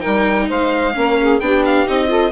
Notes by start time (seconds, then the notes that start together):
0.00 D#4 A#4 G5
0.06 G3
0.49 G#3 C5 F5
0.94 A#3 C#4 A#4
1.21 G#4
1.40 B3 D4 G4 G5
1.65 F5
1.87 C4 D#4 D#5
2.08 F4 A4